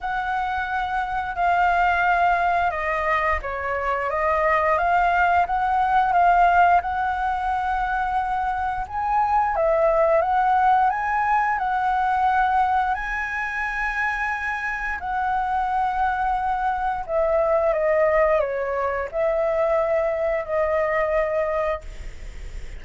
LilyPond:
\new Staff \with { instrumentName = "flute" } { \time 4/4 \tempo 4 = 88 fis''2 f''2 | dis''4 cis''4 dis''4 f''4 | fis''4 f''4 fis''2~ | fis''4 gis''4 e''4 fis''4 |
gis''4 fis''2 gis''4~ | gis''2 fis''2~ | fis''4 e''4 dis''4 cis''4 | e''2 dis''2 | }